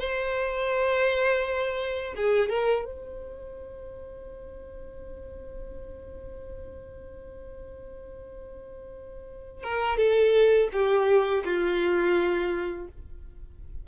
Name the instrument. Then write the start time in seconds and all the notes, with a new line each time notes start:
violin
0.00 C5
2.16 G#4
2.49 A#4
2.85 C5
9.64 A#4
9.97 A4
10.72 G4
11.44 F4